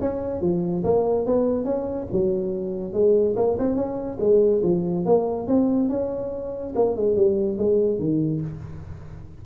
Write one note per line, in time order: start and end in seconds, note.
0.00 0.41 C#4
0.41 0.83 F3
0.84 1.26 A#3
1.26 1.64 B3
1.64 2.07 C#4
2.12 2.93 F#3
2.93 3.35 G#3
3.36 3.57 A#3
3.58 3.75 C4
3.75 4.18 C#4
4.19 4.62 G#3
4.63 5.05 F3
5.05 5.47 A#3
5.47 5.89 C4
5.89 6.73 C#4
6.75 6.96 A#3
6.96 7.16 G#3
7.16 7.58 G3
7.58 7.99 G#3
7.99 8.41 D#3